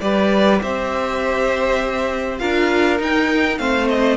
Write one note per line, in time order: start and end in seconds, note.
0.00 0.60 G3
0.00 2.39 G4
0.00 0.61 B4
0.00 0.59 D5
0.62 2.40 C4
0.62 2.40 C5
0.62 2.38 E5
2.38 2.99 D4
2.38 2.97 F4
2.38 3.59 A#4
2.38 2.97 F5
2.97 3.56 D#4
2.97 3.59 D#4
2.97 3.58 G5
3.58 4.16 A3
3.58 4.16 C4
3.58 4.16 C5
3.58 3.87 F5
3.88 4.16 D#5